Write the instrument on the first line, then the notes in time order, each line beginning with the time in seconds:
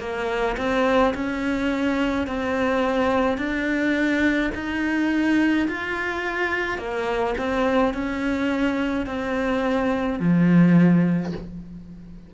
cello
0.00 A#3
0.58 C4
1.15 C#4
2.27 C4
3.39 D4
4.55 D#4
5.69 F4
6.79 A#3
7.38 C4
7.95 C#4
9.07 C4
10.20 F3